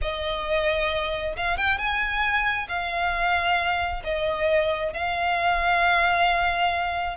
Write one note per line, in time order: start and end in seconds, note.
0.01 1.36 D#5
1.36 1.57 F5
1.57 1.78 G5
1.78 2.67 G#5
2.68 4.02 F5
4.04 4.93 D#5
4.93 7.16 F5